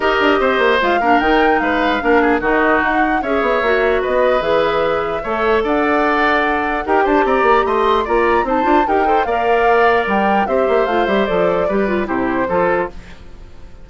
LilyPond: <<
  \new Staff \with { instrumentName = "flute" } { \time 4/4 \tempo 4 = 149 dis''2 f''4 g''4 | f''2 dis''4 fis''4 | e''2 dis''4 e''4~ | e''2 fis''2~ |
fis''4 g''8 a''8 ais''4 c'''4 | ais''4 a''4 g''4 f''4~ | f''4 g''4 e''4 f''8 e''8 | d''2 c''2 | }
  \new Staff \with { instrumentName = "oboe" } { \time 4/4 ais'4 c''4. ais'4. | b'4 ais'8 gis'8 fis'2 | cis''2 b'2~ | b'4 cis''4 d''2~ |
d''4 ais'8 c''8 d''4 dis''4 | d''4 c''4 ais'8 c''8 d''4~ | d''2 c''2~ | c''4 b'4 g'4 a'4 | }
  \new Staff \with { instrumentName = "clarinet" } { \time 4/4 g'2 f'8 d'8 dis'4~ | dis'4 d'4 dis'2 | gis'4 fis'2 gis'4~ | gis'4 a'2.~ |
a'4 g'2. | f'4 dis'8 f'8 g'8 a'8 ais'4~ | ais'2 g'4 f'8 g'8 | a'4 g'8 f'8 e'4 f'4 | }
  \new Staff \with { instrumentName = "bassoon" } { \time 4/4 dis'8 d'8 c'8 ais8 gis8 ais8 dis4 | gis4 ais4 dis4 dis'4 | cis'8 b8 ais4 b4 e4~ | e4 a4 d'2~ |
d'4 dis'8 d'8 c'8 ais8 a4 | ais4 c'8 d'8 dis'4 ais4~ | ais4 g4 c'8 ais8 a8 g8 | f4 g4 c4 f4 | }
>>